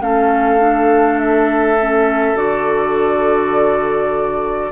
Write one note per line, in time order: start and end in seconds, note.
0.00 2.35 A3
0.00 0.59 C#4
0.00 4.71 A4
0.00 1.19 F5
0.59 1.77 D4
1.19 2.36 E5
1.80 2.35 C#4
2.35 4.70 D3
2.35 4.70 F#4
2.35 4.71 D5